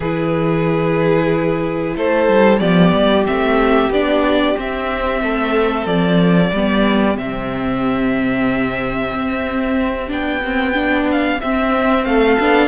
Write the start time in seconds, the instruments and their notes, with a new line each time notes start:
0.00 cello E3, viola E4, violin G#4 B4
1.96 cello A3, violin A4 C5
2.28 cello G3
2.59 cello F3, viola B3, violin G4 D5
2.94 cello G3
3.26 cello A3, viola C4, violin E5
3.89 cello B3, viola D4, violin D5
4.55 viola C4, cello C4, violin E5
5.22 cello A3, violin A4
5.86 cello F3, violin D5
6.50 cello G3, viola B3, violin G4
7.17 cello C3, viola C4, violin E5
9.13 cello C4
10.07 cello B3, viola D4, violin G5
10.44 viola C4
10.74 viola D4
11.11 violin F5
11.40 cello C4, viola C4, violin E5
12.04 cello A3, violin A4 F5
12.40 cello B3, viola D4